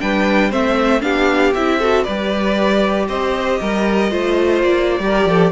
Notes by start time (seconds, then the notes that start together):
0.00 G3 D4 B4 G5
0.50 A3 C4 C5 E5
1.01 B3 D4 G4 F5
1.54 C4 E4 E5
1.79 F#4 A4
2.04 G3 G4 B4 D5
3.08 C4 C5 D#5
3.61 G3 A#4
4.11 A3 F4 C5
4.63 A#3 D5
5.00 G3 G4 A#4
5.25 F3 A4